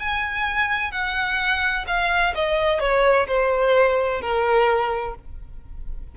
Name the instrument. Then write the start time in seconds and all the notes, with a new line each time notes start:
violin
0.00 G#5
0.92 F#5
1.87 F5
2.35 D#5
2.80 C#5
3.27 C5
4.21 A#4